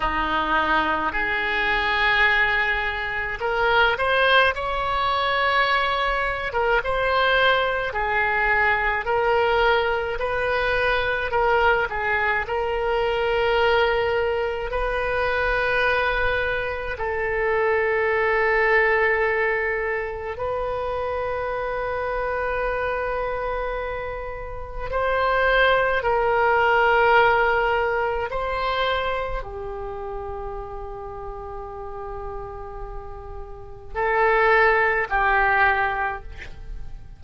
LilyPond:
\new Staff \with { instrumentName = "oboe" } { \time 4/4 \tempo 4 = 53 dis'4 gis'2 ais'8 c''8 | cis''4.~ cis''16 ais'16 c''4 gis'4 | ais'4 b'4 ais'8 gis'8 ais'4~ | ais'4 b'2 a'4~ |
a'2 b'2~ | b'2 c''4 ais'4~ | ais'4 c''4 g'2~ | g'2 a'4 g'4 | }